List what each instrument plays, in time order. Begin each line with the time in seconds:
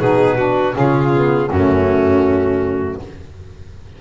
0.00 double bass B2, saxophone D#4, violin G#4, clarinet B4
0.37 saxophone D4, violin F#4
0.73 double bass C#3, saxophone C#4, violin F4, clarinet G#4
1.13 saxophone B3
1.49 double bass F#2, saxophone A3, violin C#4, clarinet F#4